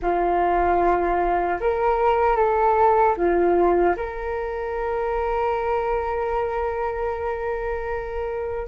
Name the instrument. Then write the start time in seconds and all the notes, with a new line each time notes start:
flute
0.01 F4
1.60 A#4
2.36 A4
3.16 F4
3.96 A#4